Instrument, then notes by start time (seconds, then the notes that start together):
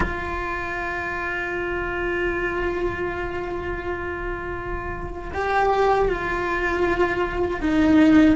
cello
0.00 F4
5.33 G4
6.08 F4
7.61 D#4